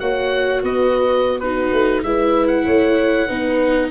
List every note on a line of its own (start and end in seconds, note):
0.00 0.63 A#3
0.00 1.41 F#4
0.00 0.63 C#5
0.00 0.62 F#5
0.63 1.73 B3
0.63 1.41 B4
0.63 1.40 D#5
1.40 2.06 D#4
1.40 2.05 F#4
1.40 2.03 B4
1.73 2.04 A3
2.03 2.66 G#3
2.03 3.29 E4
2.03 2.65 B4
2.03 2.48 E5
2.48 3.88 F#5
2.65 3.29 A3
2.65 3.27 C#5
3.27 3.91 B3
3.27 3.91 D#4
3.27 3.90 B4